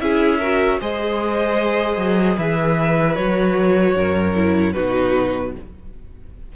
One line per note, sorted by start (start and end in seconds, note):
0.00 0.79 C#4
0.00 0.41 E4
0.00 0.39 G#4
0.00 0.80 E5
0.39 0.81 F#4
0.39 0.79 A#4
0.80 1.97 G#3
0.80 3.15 G#4
0.80 2.37 C5
0.80 2.39 D#5
1.97 2.37 F#3
2.37 3.17 E3
2.37 3.95 B4
2.37 3.16 E5
3.15 3.96 F#3
3.15 4.33 F#4
3.15 4.73 C#5
3.96 4.75 F#2
3.96 4.74 A#4
4.36 4.75 E4
4.73 5.56 B2
4.73 5.54 D#4
4.73 5.52 F#4
4.73 5.52 B4